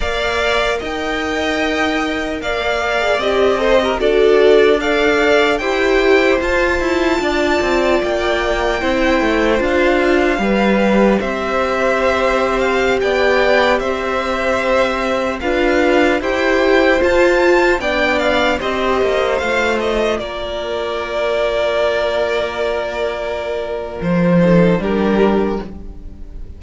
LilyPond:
<<
  \new Staff \with { instrumentName = "violin" } { \time 4/4 \tempo 4 = 75 f''4 g''2 f''4 | dis''4 d''4 f''4 g''4 | a''2 g''2 | f''2 e''4.~ e''16 f''16~ |
f''16 g''4 e''2 f''8.~ | f''16 g''4 a''4 g''8 f''8 dis''8.~ | dis''16 f''8 dis''8 d''2~ d''8.~ | d''2 c''4 ais'4 | }
  \new Staff \with { instrumentName = "violin" } { \time 4/4 d''4 dis''2 d''4~ | d''8 c''16 ais'16 a'4 d''4 c''4~ | c''4 d''2 c''4~ | c''4 b'4 c''2~ |
c''16 d''4 c''2 b'8.~ | b'16 c''2 d''4 c''8.~ | c''4~ c''16 ais'2~ ais'8.~ | ais'2~ ais'8 a'8 g'4 | }
  \new Staff \with { instrumentName = "viola" } { \time 4/4 ais'2.~ ais'8. gis'16 | g'8 a'16 g'16 fis'4 a'4 g'4 | f'2. e'4 | f'4 g'2.~ |
g'2.~ g'16 f'8.~ | f'16 g'4 f'4 d'4 g'8.~ | g'16 f'2.~ f'8.~ | f'2~ f'8 dis'8 d'4 | }
  \new Staff \with { instrumentName = "cello" } { \time 4/4 ais4 dis'2 ais4 | c'4 d'2 e'4 | f'8 e'8 d'8 c'8 ais4 c'8 a8 | d'4 g4 c'2~ |
c'16 b4 c'2 d'8.~ | d'16 e'4 f'4 b4 c'8 ais16~ | ais16 a4 ais2~ ais8.~ | ais2 f4 g4 | }
>>